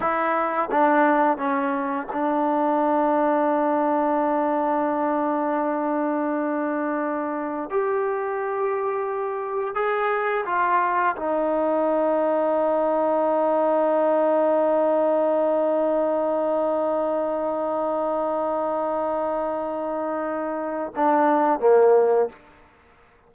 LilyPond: \new Staff \with { instrumentName = "trombone" } { \time 4/4 \tempo 4 = 86 e'4 d'4 cis'4 d'4~ | d'1~ | d'2. g'4~ | g'2 gis'4 f'4 |
dis'1~ | dis'1~ | dis'1~ | dis'2 d'4 ais4 | }